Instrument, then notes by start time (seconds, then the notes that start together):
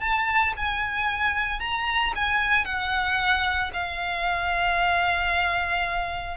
violin
0.00 A5
0.56 G#5
1.60 A#5
2.15 G#5
2.65 F#5
3.73 F5